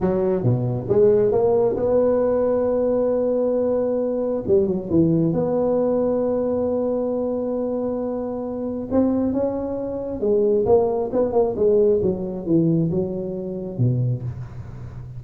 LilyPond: \new Staff \with { instrumentName = "tuba" } { \time 4/4 \tempo 4 = 135 fis4 b,4 gis4 ais4 | b1~ | b2 g8 fis8 e4 | b1~ |
b1 | c'4 cis'2 gis4 | ais4 b8 ais8 gis4 fis4 | e4 fis2 b,4 | }